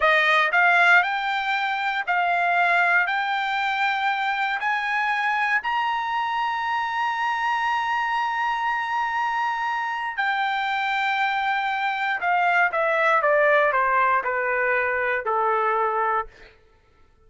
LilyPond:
\new Staff \with { instrumentName = "trumpet" } { \time 4/4 \tempo 4 = 118 dis''4 f''4 g''2 | f''2 g''2~ | g''4 gis''2 ais''4~ | ais''1~ |
ais''1 | g''1 | f''4 e''4 d''4 c''4 | b'2 a'2 | }